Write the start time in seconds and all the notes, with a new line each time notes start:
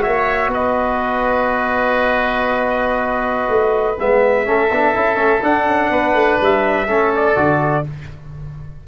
0.00 A#3 F#4 C#5 E5
0.47 B3 B4
0.54 D#5
3.49 A3
3.99 G#3 B3 E5
4.45 A3 C#4 A4
4.71 B3 D4
4.94 C#4 E4
5.16 A3 C#4
5.43 D4 F#5
5.66 C#4
5.90 B3 B4
6.14 A3
6.41 G3 E5
6.87 A3 C#4 A4
7.15 D5
7.35 D3 F#4